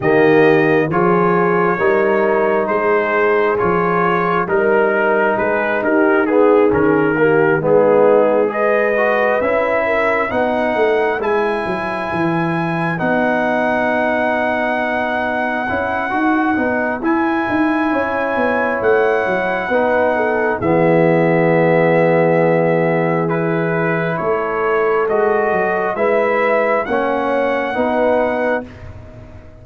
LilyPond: <<
  \new Staff \with { instrumentName = "trumpet" } { \time 4/4 \tempo 4 = 67 dis''4 cis''2 c''4 | cis''4 ais'4 b'8 ais'8 gis'8 ais'8~ | ais'8 gis'4 dis''4 e''4 fis''8~ | fis''8 gis''2 fis''4.~ |
fis''2. gis''4~ | gis''4 fis''2 e''4~ | e''2 b'4 cis''4 | dis''4 e''4 fis''2 | }
  \new Staff \with { instrumentName = "horn" } { \time 4/4 g'4 gis'4 ais'4 gis'4~ | gis'4 ais'4 gis'8 g'8 gis'4 | g'8 dis'4 b'4. ais'8 b'8~ | b'1~ |
b'1 | cis''2 b'8 a'8 gis'4~ | gis'2. a'4~ | a'4 b'4 cis''4 b'4 | }
  \new Staff \with { instrumentName = "trombone" } { \time 4/4 ais4 f'4 dis'2 | f'4 dis'2 b8 cis'8 | ais8 b4 gis'8 fis'8 e'4 dis'8~ | dis'8 e'2 dis'4.~ |
dis'4. e'8 fis'8 dis'8 e'4~ | e'2 dis'4 b4~ | b2 e'2 | fis'4 e'4 cis'4 dis'4 | }
  \new Staff \with { instrumentName = "tuba" } { \time 4/4 dis4 f4 g4 gis4 | f4 g4 gis8 dis'4 dis8~ | dis8 gis2 cis'4 b8 | a8 gis8 fis8 e4 b4.~ |
b4. cis'8 dis'8 b8 e'8 dis'8 | cis'8 b8 a8 fis8 b4 e4~ | e2. a4 | gis8 fis8 gis4 ais4 b4 | }
>>